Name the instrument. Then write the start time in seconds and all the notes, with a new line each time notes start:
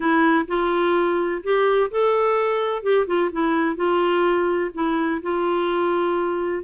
clarinet
0.00 E4
0.47 F4
1.43 G4
1.90 A4
2.82 G4
3.06 F4
3.32 E4
3.76 F4
4.74 E4
5.22 F4